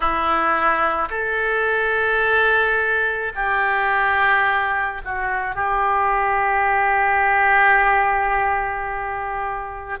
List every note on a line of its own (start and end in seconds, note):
0.00 1.09 E4
1.10 3.32 A4
3.35 5.02 G4
5.04 5.55 F#4
5.55 9.99 G4